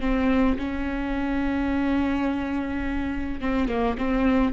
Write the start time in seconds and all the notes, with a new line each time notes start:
0.00 C4
0.58 C#4
3.40 C4
3.68 A#3
3.98 C4